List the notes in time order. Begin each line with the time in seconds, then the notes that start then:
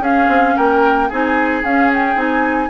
0.00 C#4 G#4 F5
0.28 C4
0.56 A#3 A#4 G5
1.09 C4 D#4 G#4 G#5
1.64 C#4 F5
1.93 G5
2.15 C4 D#4 G#5